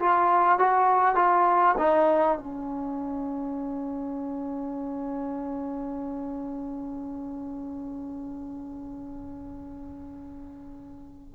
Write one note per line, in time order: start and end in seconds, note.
0.00 0.59 F4
0.59 1.16 F#4
1.16 1.76 F4
1.79 2.39 D#4
2.39 11.36 C#4